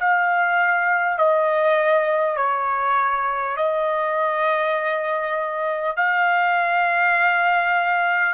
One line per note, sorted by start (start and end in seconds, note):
0.00 1.18 F5
1.18 2.37 D#5
2.37 3.57 C#5
3.57 5.97 D#5
5.97 8.34 F5